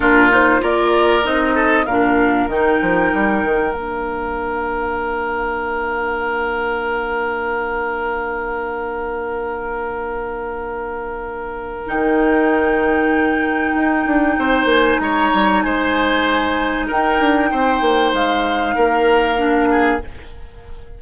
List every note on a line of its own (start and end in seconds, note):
0.00 0.62 A#2
0.00 0.30 D4
0.00 0.61 F4
0.00 0.31 A#4
0.30 0.60 D#4
0.30 0.63 C5
0.60 1.24 A#3
0.60 1.22 F4
0.60 1.54 A#4
0.60 1.25 D5
1.23 1.87 C4
1.23 1.86 D#4
1.23 1.86 D#5
1.54 1.86 A4
1.86 2.47 A#2
1.86 2.50 D4
1.86 14.36 A#4
1.86 2.48 F5
2.47 2.78 D#3
2.47 3.73 D#4
2.47 3.73 G5
2.81 3.13 F3
3.13 3.44 G3
3.44 3.72 D#3
3.72 11.84 A#3
3.72 11.85 D4
3.72 11.86 F5
11.85 13.74 D#3
11.85 19.35 D#4
11.85 14.68 G5
13.74 14.05 D#4
14.06 14.37 D4
14.37 14.64 C4
14.37 15.01 C5
14.64 14.96 A#3
14.64 14.99 G#5
14.99 15.31 G#3
14.99 15.64 C#5
14.99 15.62 A#5
15.33 15.64 G3
15.62 16.89 G#3
15.62 16.87 C5
15.62 16.87 G#5
16.87 17.20 D#4
16.87 17.49 A#4
16.87 18.14 G5
17.20 17.51 D4
17.51 17.80 C4
17.51 18.75 C5
17.80 18.12 A#3
18.13 18.75 G#3
18.13 20.01 F5
18.75 20.01 A#3
18.75 19.68 A#4
19.37 19.99 D4
19.70 20.01 G#4